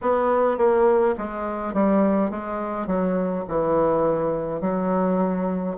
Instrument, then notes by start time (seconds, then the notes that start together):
bassoon
0.01 B3
0.57 A#3
1.17 G#3
1.73 G3
2.30 G#3
2.86 F#3
3.48 E3
4.60 F#3